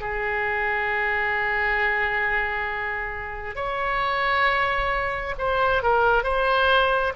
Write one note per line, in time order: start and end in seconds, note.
0.00 3.55 G#4
3.55 5.34 C#5
5.38 5.83 C5
5.83 6.24 A#4
6.24 7.13 C5